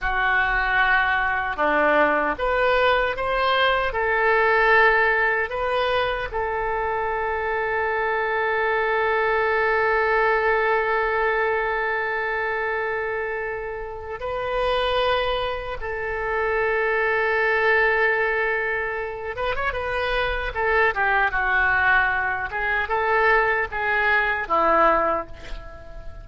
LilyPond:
\new Staff \with { instrumentName = "oboe" } { \time 4/4 \tempo 4 = 76 fis'2 d'4 b'4 | c''4 a'2 b'4 | a'1~ | a'1~ |
a'2 b'2 | a'1~ | a'8 b'16 cis''16 b'4 a'8 g'8 fis'4~ | fis'8 gis'8 a'4 gis'4 e'4 | }